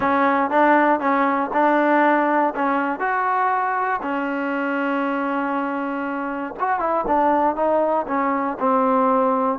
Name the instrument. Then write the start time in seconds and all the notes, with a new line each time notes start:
trombone
0.00 C#4
0.50 D4
0.99 C#4
1.53 D4
2.55 C#4
2.99 F#4
4.02 C#4
6.59 F#4
6.79 E4
7.07 D4
7.55 D#4
8.07 C#4
8.59 C4